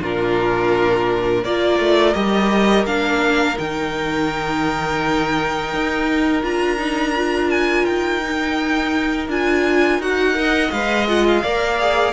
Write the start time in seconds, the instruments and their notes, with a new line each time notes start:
0.00 cello A#2, viola D4, violin F4 A#4
1.43 cello A#3, viola F4, violin A#4 D5
1.78 cello A3
2.14 cello G3, viola G4, violin D#5
2.85 cello A#3, viola D4, violin F5
3.55 cello D#3, viola D#4, violin G5
5.73 cello D#4
6.42 cello D4, viola F4, violin A#5
6.77 viola D#4
7.16 viola F4
7.50 violin G#5
7.85 cello D#4, violin G5
8.21 viola D#4
9.28 cello D4, viola F4, violin G#5
9.98 cello D#4, viola F#4, violin F#5
10.34 viola A#4, violin D#5
10.71 cello G#3, viola B4, violin F5
11.07 viola F4, violin F#5
11.27 violin F5
11.42 cello A#3, viola A#4, violin D5
11.79 viola G#4